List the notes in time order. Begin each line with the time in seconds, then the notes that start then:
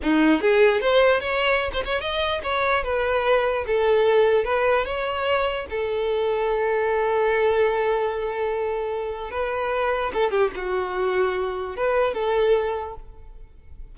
0.02 D#4
0.41 G#4
0.81 C5
1.20 C#5
1.73 C5
1.84 C#5
2.00 D#5
2.43 C#5
2.83 B4
3.66 A4
4.44 B4
4.85 C#5
5.69 A4
9.30 B4
10.13 A4
10.31 G4
10.55 F#4
11.76 B4
12.14 A4